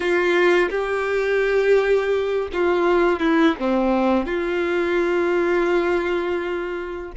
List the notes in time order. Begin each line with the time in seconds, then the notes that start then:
0.00 F4
0.69 G4
2.53 F4
3.19 E4
3.59 C4
4.26 F4